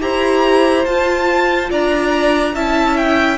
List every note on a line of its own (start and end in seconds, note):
0.00 0.86 E4
0.00 0.85 G4
0.00 1.70 C5
0.00 0.85 A#5
0.85 1.70 F4
0.85 2.56 F4
0.85 1.70 A5
1.70 2.54 D4
1.70 2.55 D5
1.70 2.55 A#5
2.54 3.38 C#4
2.54 3.38 E4
2.54 3.38 E5
2.54 2.97 A5
2.97 3.38 G5